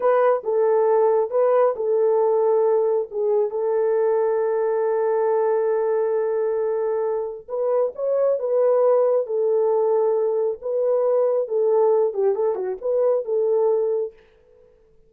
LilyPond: \new Staff \with { instrumentName = "horn" } { \time 4/4 \tempo 4 = 136 b'4 a'2 b'4 | a'2. gis'4 | a'1~ | a'1~ |
a'4 b'4 cis''4 b'4~ | b'4 a'2. | b'2 a'4. g'8 | a'8 fis'8 b'4 a'2 | }